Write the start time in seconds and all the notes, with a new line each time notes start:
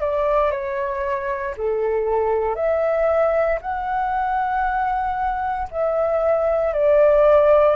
0.00 D5
0.51 C#5
1.57 A4
2.55 E5
3.61 F#5
5.71 E5
6.73 D5